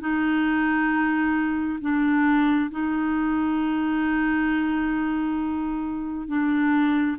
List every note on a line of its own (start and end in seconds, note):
0.00 1.79 D#4
1.81 2.70 D4
2.71 6.28 D#4
6.28 7.17 D4